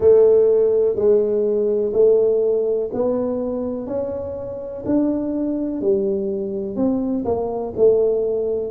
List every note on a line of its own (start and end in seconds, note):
0.00 0.95 A3
0.95 1.92 G#3
1.93 2.90 A3
2.93 3.86 B3
3.86 4.83 C#4
4.85 5.81 D4
5.81 6.76 G3
6.76 7.24 C4
7.24 7.73 A#3
7.76 8.71 A3